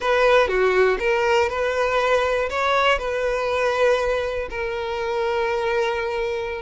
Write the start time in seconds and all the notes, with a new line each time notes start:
0.00 B4
0.47 F#4
0.99 A#4
1.49 B4
2.49 C#5
2.98 B4
4.50 A#4